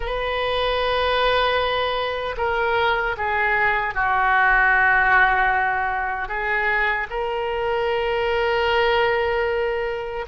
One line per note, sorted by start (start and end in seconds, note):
0.00 2.35 B4
2.37 3.16 A#4
3.17 3.94 G#4
3.94 6.28 F#4
6.28 7.07 G#4
7.09 10.25 A#4